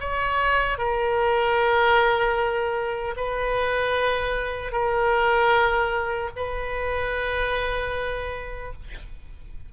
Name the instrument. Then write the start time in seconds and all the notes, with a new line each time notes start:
oboe
0.00 C#5
0.78 A#4
3.17 B4
4.72 A#4
6.36 B4